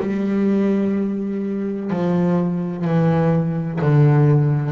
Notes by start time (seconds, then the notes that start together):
0.00 G3
1.90 F3
2.84 E3
3.81 D3